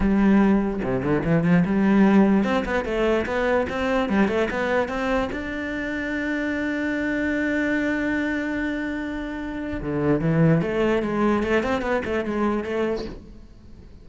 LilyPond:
\new Staff \with { instrumentName = "cello" } { \time 4/4 \tempo 4 = 147 g2 c8 d8 e8 f8 | g2 c'8 b8 a4 | b4 c'4 g8 a8 b4 | c'4 d'2.~ |
d'1~ | d'1 | d4 e4 a4 gis4 | a8 c'8 b8 a8 gis4 a4 | }